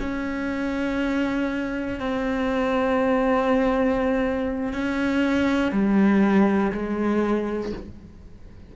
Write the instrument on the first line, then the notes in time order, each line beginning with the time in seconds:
cello
0.00 C#4
2.00 C4
4.73 C#4
5.72 G3
6.72 G#3